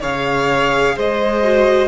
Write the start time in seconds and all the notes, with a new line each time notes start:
0.00 C#3 G#4 C#5 F5
0.96 G#3 C5 D#5
1.43 F#4